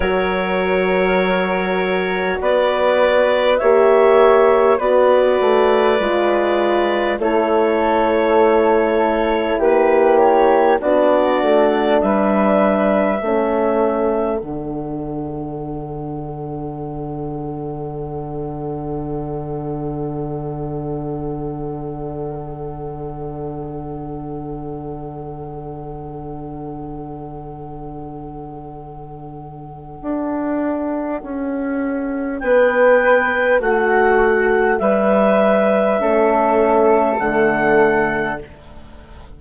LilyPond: <<
  \new Staff \with { instrumentName = "clarinet" } { \time 4/4 \tempo 4 = 50 cis''2 d''4 e''4 | d''2 cis''2 | b'8 cis''8 d''4 e''2 | fis''1~ |
fis''1~ | fis''1~ | fis''2. g''4 | fis''4 e''2 fis''4 | }
  \new Staff \with { instrumentName = "flute" } { \time 4/4 ais'2 b'4 cis''4 | b'2 a'2 | g'4 fis'4 b'4 a'4~ | a'1~ |
a'1~ | a'1~ | a'2. b'4 | fis'4 b'4 a'2 | }
  \new Staff \with { instrumentName = "horn" } { \time 4/4 fis'2. g'4 | fis'4 f'4 e'2~ | e'4 d'2 cis'4 | d'1~ |
d'1~ | d'1~ | d'1~ | d'2 cis'4 a4 | }
  \new Staff \with { instrumentName = "bassoon" } { \time 4/4 fis2 b4 ais4 | b8 a8 gis4 a2 | ais4 b8 a8 g4 a4 | d1~ |
d1~ | d1~ | d4 d'4 cis'4 b4 | a4 g4 a4 d4 | }
>>